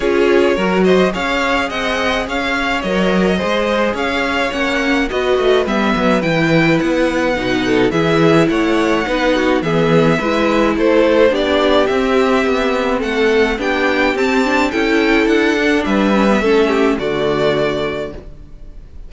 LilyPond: <<
  \new Staff \with { instrumentName = "violin" } { \time 4/4 \tempo 4 = 106 cis''4. dis''8 f''4 fis''4 | f''4 dis''2 f''4 | fis''4 dis''4 e''4 g''4 | fis''2 e''4 fis''4~ |
fis''4 e''2 c''4 | d''4 e''2 fis''4 | g''4 a''4 g''4 fis''4 | e''2 d''2 | }
  \new Staff \with { instrumentName = "violin" } { \time 4/4 gis'4 ais'8 c''8 cis''4 dis''4 | cis''2 c''4 cis''4~ | cis''4 b'2.~ | b'4. a'8 gis'4 cis''4 |
b'8 fis'8 gis'4 b'4 a'4 | g'2. a'4 | g'2 a'2 | b'4 a'8 g'8 fis'2 | }
  \new Staff \with { instrumentName = "viola" } { \time 4/4 f'4 fis'4 gis'2~ | gis'4 ais'4 gis'2 | cis'4 fis'4 b4 e'4~ | e'4 dis'4 e'2 |
dis'4 b4 e'2 | d'4 c'2. | d'4 c'8 d'8 e'4. d'8~ | d'8 cis'16 b16 cis'4 a2 | }
  \new Staff \with { instrumentName = "cello" } { \time 4/4 cis'4 fis4 cis'4 c'4 | cis'4 fis4 gis4 cis'4 | ais4 b8 a8 g8 fis8 e4 | b4 b,4 e4 a4 |
b4 e4 gis4 a4 | b4 c'4 b4 a4 | b4 c'4 cis'4 d'4 | g4 a4 d2 | }
>>